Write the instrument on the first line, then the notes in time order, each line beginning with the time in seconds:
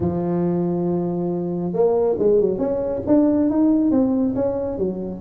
tuba
0.00 F3
1.73 A#3
2.19 G#3
2.41 F#3
2.58 C#4
3.06 D4
3.50 D#4
3.91 C4
4.35 C#4
4.78 F#3